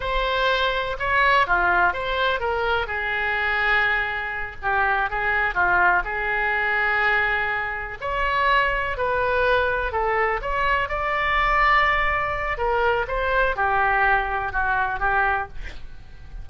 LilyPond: \new Staff \with { instrumentName = "oboe" } { \time 4/4 \tempo 4 = 124 c''2 cis''4 f'4 | c''4 ais'4 gis'2~ | gis'4. g'4 gis'4 f'8~ | f'8 gis'2.~ gis'8~ |
gis'8 cis''2 b'4.~ | b'8 a'4 cis''4 d''4.~ | d''2 ais'4 c''4 | g'2 fis'4 g'4 | }